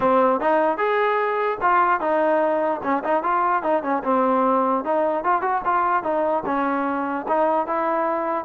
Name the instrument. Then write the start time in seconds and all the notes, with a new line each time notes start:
trombone
0.00 C4
0.40 D#4
0.77 G#4
1.61 F4
2.00 D#4
2.83 C#4
3.04 D#4
3.23 F4
3.62 D#4
3.82 C#4
4.03 C4
4.84 D#4
5.23 F4
5.41 F#4
5.64 F4
6.03 D#4
6.45 C#4
7.28 D#4
7.66 E4